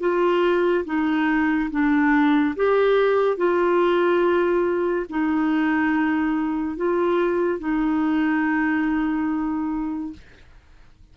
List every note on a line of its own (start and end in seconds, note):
0.00 0.85 F4
0.85 1.70 D#4
1.71 2.55 D4
2.56 3.37 G4
3.37 5.06 F4
5.09 6.76 D#4
6.76 7.59 F4
7.59 10.13 D#4